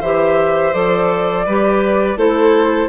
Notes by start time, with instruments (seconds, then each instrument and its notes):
0.00 bassoon E3, clarinet G4, violin C5, flute E5
0.73 bassoon F3, clarinet A4, flute D5
1.45 bassoon G3, clarinet G4, violin B4
2.16 bassoon A3, clarinet E4, violin A4, flute C5